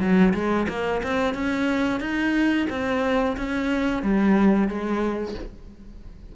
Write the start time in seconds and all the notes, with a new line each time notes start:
0.00 F#3
0.34 G#3
0.68 A#3
1.03 C4
1.34 C#4
2.00 D#4
2.70 C4
3.37 C#4
4.02 G3
4.68 G#3